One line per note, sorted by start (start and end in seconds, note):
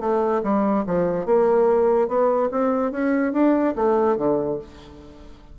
0.00 0.41 A3
0.43 0.84 G3
0.86 1.25 F3
1.25 2.08 A#3
2.08 2.49 B3
2.51 2.91 C4
2.91 3.33 C#4
3.33 3.74 D4
3.75 4.17 A3
4.17 4.58 D3